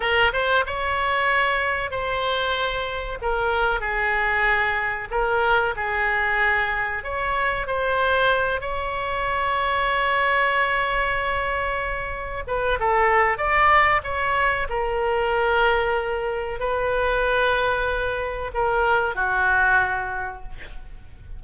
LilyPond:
\new Staff \with { instrumentName = "oboe" } { \time 4/4 \tempo 4 = 94 ais'8 c''8 cis''2 c''4~ | c''4 ais'4 gis'2 | ais'4 gis'2 cis''4 | c''4. cis''2~ cis''8~ |
cis''2.~ cis''8 b'8 | a'4 d''4 cis''4 ais'4~ | ais'2 b'2~ | b'4 ais'4 fis'2 | }